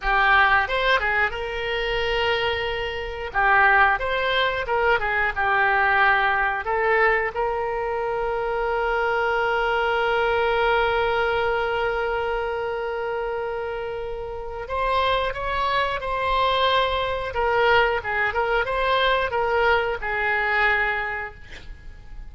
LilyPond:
\new Staff \with { instrumentName = "oboe" } { \time 4/4 \tempo 4 = 90 g'4 c''8 gis'8 ais'2~ | ais'4 g'4 c''4 ais'8 gis'8 | g'2 a'4 ais'4~ | ais'1~ |
ais'1~ | ais'2 c''4 cis''4 | c''2 ais'4 gis'8 ais'8 | c''4 ais'4 gis'2 | }